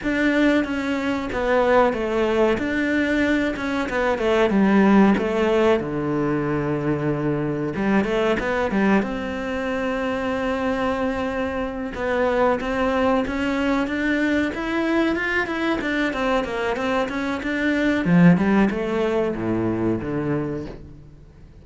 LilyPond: \new Staff \with { instrumentName = "cello" } { \time 4/4 \tempo 4 = 93 d'4 cis'4 b4 a4 | d'4. cis'8 b8 a8 g4 | a4 d2. | g8 a8 b8 g8 c'2~ |
c'2~ c'8 b4 c'8~ | c'8 cis'4 d'4 e'4 f'8 | e'8 d'8 c'8 ais8 c'8 cis'8 d'4 | f8 g8 a4 a,4 d4 | }